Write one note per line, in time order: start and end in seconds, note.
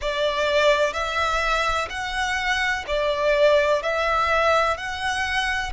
0.01 0.93 D5
0.93 1.88 E5
1.89 2.84 F#5
2.87 3.82 D5
3.82 4.77 E5
4.77 5.72 F#5